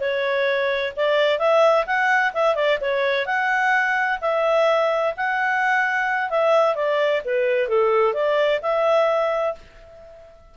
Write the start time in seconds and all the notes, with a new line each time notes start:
0.00 C#5
0.96 D5
1.39 E5
1.86 F#5
2.34 E5
2.55 D5
2.81 C#5
3.26 F#5
4.21 E5
5.17 F#5
6.30 E5
6.75 D5
7.25 B4
7.68 A4
8.14 D5
8.62 E5